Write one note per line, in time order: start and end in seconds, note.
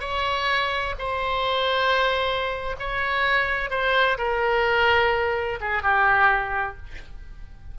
0.00 0.94 C#5
0.98 2.75 C5
2.79 3.70 C#5
3.70 4.17 C5
4.17 5.59 A#4
5.60 5.82 G#4
5.82 6.77 G4